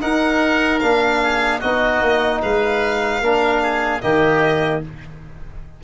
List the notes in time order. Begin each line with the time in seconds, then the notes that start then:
0.00 D#4 A#4 F#5
0.79 A#3 D4 F5
1.23 G#4
1.59 B3 D#4 F#4 D#5
2.01 A#3
2.42 G#3 B4 F5
3.21 A#3 D4 A#4
3.62 G#4
4.00 D#3 A#3 G4 D#5